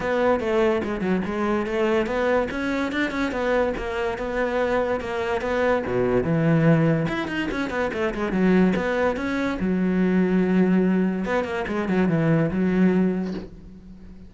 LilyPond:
\new Staff \with { instrumentName = "cello" } { \time 4/4 \tempo 4 = 144 b4 a4 gis8 fis8 gis4 | a4 b4 cis'4 d'8 cis'8 | b4 ais4 b2 | ais4 b4 b,4 e4~ |
e4 e'8 dis'8 cis'8 b8 a8 gis8 | fis4 b4 cis'4 fis4~ | fis2. b8 ais8 | gis8 fis8 e4 fis2 | }